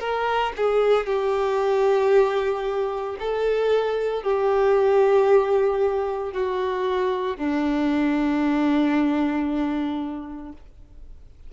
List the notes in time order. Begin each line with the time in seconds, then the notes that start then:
0.00 A#4
0.57 G#4
1.07 G4
3.20 A4
4.23 G4
6.33 F#4
7.37 D4